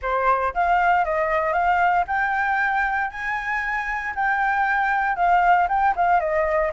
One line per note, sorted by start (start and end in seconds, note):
0.01 0.53 C5
0.54 1.05 F5
1.05 1.53 D#5
1.53 2.04 F5
2.07 3.10 G5
3.10 4.14 G#5
4.15 5.16 G5
5.16 5.67 F5
5.68 5.94 G5
5.96 6.20 F5
6.20 6.71 D#5